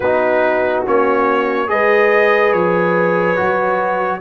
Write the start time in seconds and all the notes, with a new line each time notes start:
0.00 B3 D#4 F#4 B4
0.86 A#3 C#4 C#5
1.67 G#3 G#4 B4 D#5
2.52 F3 C#5
3.36 F#3 F#4